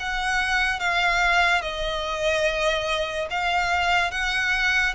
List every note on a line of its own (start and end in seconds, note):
0.00 0.80 F#5
0.80 1.62 F5
1.62 3.28 D#5
3.30 4.11 F5
4.11 4.94 F#5